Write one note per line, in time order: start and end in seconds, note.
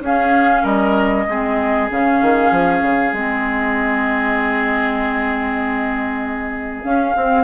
0.00 0.62 C#4
0.00 1.27 C#4
0.00 0.62 G#4
0.00 0.65 F5
0.62 1.26 G3
0.62 1.24 A#4
0.62 1.89 D#5
1.28 1.89 G#3
1.28 1.90 C4
1.28 7.44 G#4
1.90 2.21 C#3
1.90 3.13 C#4
1.90 3.13 F5
2.21 2.51 D#3
2.51 2.81 F3
2.81 3.12 C#3
3.12 6.83 G#3
3.12 6.84 C4
3.12 6.84 D#5
6.84 7.14 C#4
6.84 7.15 C#4
6.84 7.44 F5
7.15 7.44 C4